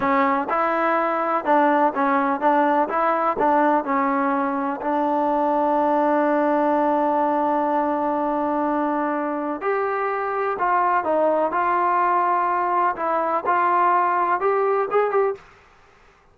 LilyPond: \new Staff \with { instrumentName = "trombone" } { \time 4/4 \tempo 4 = 125 cis'4 e'2 d'4 | cis'4 d'4 e'4 d'4 | cis'2 d'2~ | d'1~ |
d'1 | g'2 f'4 dis'4 | f'2. e'4 | f'2 g'4 gis'8 g'8 | }